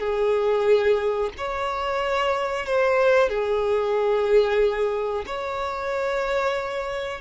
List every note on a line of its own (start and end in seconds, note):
0.00 1.30 G#4
1.38 2.66 C#5
2.66 3.29 C5
3.29 5.24 G#4
5.26 7.20 C#5